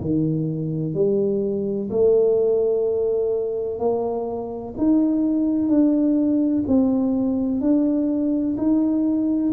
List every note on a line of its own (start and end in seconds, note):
0.00 0.94 D#3
0.94 1.89 G3
1.90 3.79 A3
3.79 4.74 A#3
4.77 5.68 D#4
5.68 6.63 D4
6.67 7.61 C4
7.61 8.56 D4
8.57 9.52 D#4